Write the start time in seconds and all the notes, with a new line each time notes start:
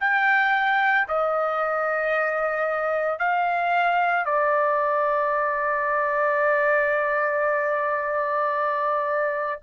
0.00 G5
1.08 D#5
3.19 F5
4.25 D5